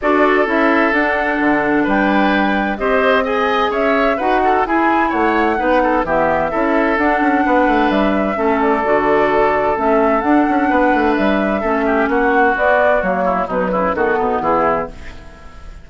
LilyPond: <<
  \new Staff \with { instrumentName = "flute" } { \time 4/4 \tempo 4 = 129 d''4 e''4 fis''2 | g''2 dis''4 gis''4 | e''4 fis''4 gis''4 fis''4~ | fis''4 e''2 fis''4~ |
fis''4 e''4. d''4.~ | d''4 e''4 fis''2 | e''2 fis''4 d''4 | cis''4 b'4 a'4 gis'4 | }
  \new Staff \with { instrumentName = "oboe" } { \time 4/4 a'1 | b'2 c''4 dis''4 | cis''4 b'8 a'8 gis'4 cis''4 | b'8 a'8 g'4 a'2 |
b'2 a'2~ | a'2. b'4~ | b'4 a'8 g'8 fis'2~ | fis'8 e'8 dis'8 e'8 fis'8 dis'8 e'4 | }
  \new Staff \with { instrumentName = "clarinet" } { \time 4/4 fis'4 e'4 d'2~ | d'2 g'4 gis'4~ | gis'4 fis'4 e'2 | dis'4 b4 e'4 d'4~ |
d'2 cis'4 fis'4~ | fis'4 cis'4 d'2~ | d'4 cis'2 b4 | ais4 fis4 b2 | }
  \new Staff \with { instrumentName = "bassoon" } { \time 4/4 d'4 cis'4 d'4 d4 | g2 c'2 | cis'4 dis'4 e'4 a4 | b4 e4 cis'4 d'8 cis'8 |
b8 a8 g4 a4 d4~ | d4 a4 d'8 cis'8 b8 a8 | g4 a4 ais4 b4 | fis4 b,8 cis8 dis8 b,8 e4 | }
>>